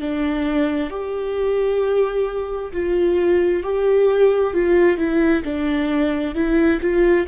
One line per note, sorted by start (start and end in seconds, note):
0.00 0.90 D4
0.90 2.72 G4
2.72 3.63 F4
3.63 4.53 G4
4.53 4.98 F4
4.98 5.43 E4
5.44 6.35 D4
6.35 6.80 E4
6.81 7.27 F4